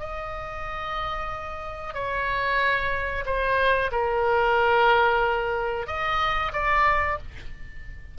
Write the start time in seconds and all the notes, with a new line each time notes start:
0.00 D#5
1.94 C#5
3.26 C5
3.92 A#4
5.87 D#5
6.53 D5